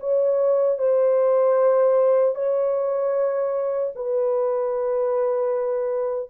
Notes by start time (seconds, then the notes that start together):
0.00 C#5
0.79 C5
2.35 C#5
3.95 B4